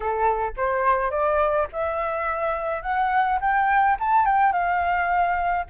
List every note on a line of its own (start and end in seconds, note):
0.00 0.52 A4
0.56 1.10 C5
1.10 1.67 D5
1.72 2.82 E5
2.82 3.39 F#5
3.40 3.97 G5
3.99 4.25 A5
4.25 4.52 G5
4.52 5.65 F5